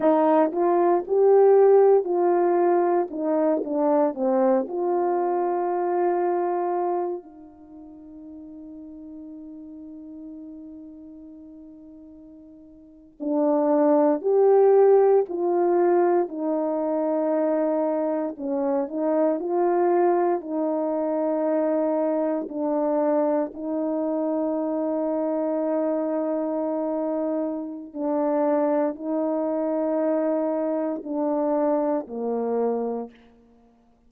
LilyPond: \new Staff \with { instrumentName = "horn" } { \time 4/4 \tempo 4 = 58 dis'8 f'8 g'4 f'4 dis'8 d'8 | c'8 f'2~ f'8 dis'4~ | dis'1~ | dis'8. d'4 g'4 f'4 dis'16~ |
dis'4.~ dis'16 cis'8 dis'8 f'4 dis'16~ | dis'4.~ dis'16 d'4 dis'4~ dis'16~ | dis'2. d'4 | dis'2 d'4 ais4 | }